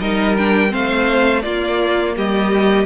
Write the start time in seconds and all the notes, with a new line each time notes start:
0.00 G3 D#4 A#4 D#5
0.38 D4 G5
0.69 A3 C4 C5 F5
1.42 A#3 F4 D5
2.17 G3 G4 D#5